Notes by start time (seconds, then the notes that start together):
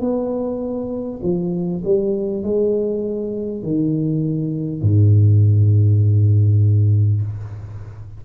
0.00 B3
1.22 F3
1.84 G3
2.43 G#3
3.63 D#3
4.82 G#2